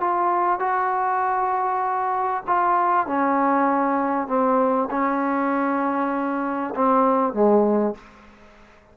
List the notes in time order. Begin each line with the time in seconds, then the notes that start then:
0.00 F4
0.59 F#4
2.47 F4
3.06 C#4
4.27 C4
4.90 C#4
6.75 C4
7.33 G#3